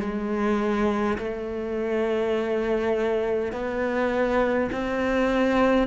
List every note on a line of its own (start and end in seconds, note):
0.00 1.18 G#3
1.18 3.52 A3
3.52 4.70 B3
4.72 5.87 C4